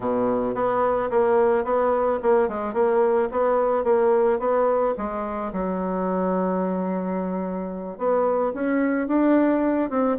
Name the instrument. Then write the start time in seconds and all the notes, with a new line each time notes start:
bassoon
0.00 B2
0.54 B3
1.10 A#3
1.64 B3
2.22 A#3
2.48 G#3
2.73 A#3
3.31 B3
3.84 A#3
4.39 B3
4.97 G#3
5.52 F#3
7.97 B3
8.53 C#4
9.07 D4
9.90 C4